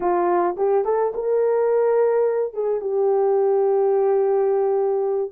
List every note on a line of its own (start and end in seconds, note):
0.00 0.56 F4
0.57 0.84 G4
0.84 1.12 A4
1.14 2.53 A#4
2.53 2.80 G#4
2.80 5.31 G4